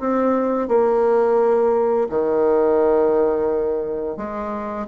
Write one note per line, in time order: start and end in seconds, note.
0.00 0.69 C4
0.69 2.08 A#3
2.10 4.17 D#3
4.17 4.87 G#3